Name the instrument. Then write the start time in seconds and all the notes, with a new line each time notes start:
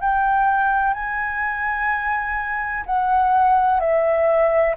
flute
0.00 G5
0.94 G#5
2.86 F#5
3.80 E5